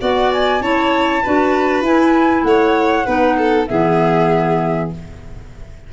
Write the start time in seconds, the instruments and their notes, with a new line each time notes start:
0.00 tuba B3, clarinet F#4, violin D5, flute F#5
0.34 flute G#5
0.61 tuba C#4, clarinet E4, violin C#5, flute A5
1.23 tuba D4, clarinet F#4, violin B4
1.82 tuba E4, clarinet E4, flute G#5
2.44 tuba A3, violin C#5, flute F#5
3.05 tuba B3, clarinet D#4, violin B4
3.38 violin A4
3.67 tuba E3, clarinet B3, violin G#4, flute E5